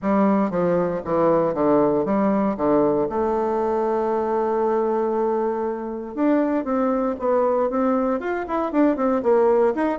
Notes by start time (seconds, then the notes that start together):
0.02 G3
0.50 F3
1.04 E3
1.54 D3
2.05 G3
2.56 D3
3.09 A3
6.14 D4
6.64 C4
7.19 B3
7.70 C4
8.20 F4
8.47 E4
8.72 D4
8.96 C4
9.22 A#3
9.75 D#4